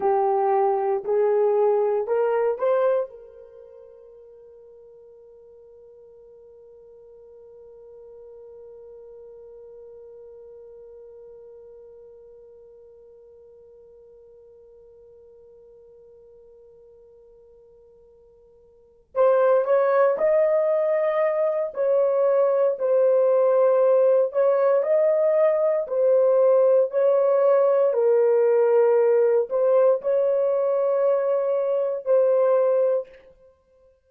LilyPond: \new Staff \with { instrumentName = "horn" } { \time 4/4 \tempo 4 = 58 g'4 gis'4 ais'8 c''8 ais'4~ | ais'1~ | ais'1~ | ais'1~ |
ais'2~ ais'8 c''8 cis''8 dis''8~ | dis''4 cis''4 c''4. cis''8 | dis''4 c''4 cis''4 ais'4~ | ais'8 c''8 cis''2 c''4 | }